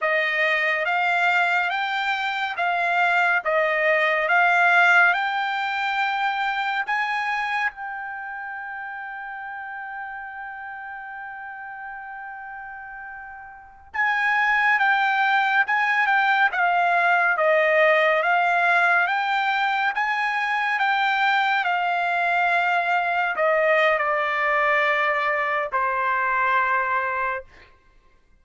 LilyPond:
\new Staff \with { instrumentName = "trumpet" } { \time 4/4 \tempo 4 = 70 dis''4 f''4 g''4 f''4 | dis''4 f''4 g''2 | gis''4 g''2.~ | g''1~ |
g''16 gis''4 g''4 gis''8 g''8 f''8.~ | f''16 dis''4 f''4 g''4 gis''8.~ | gis''16 g''4 f''2 dis''8. | d''2 c''2 | }